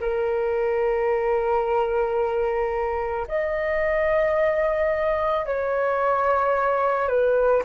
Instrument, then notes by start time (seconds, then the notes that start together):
flute
0.00 A#4
3.28 D#5
5.46 C#5
7.08 B4